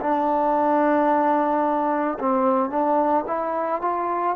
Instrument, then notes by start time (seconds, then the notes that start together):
trombone
0.00 D4
2.19 C4
2.70 D4
3.27 E4
3.82 F4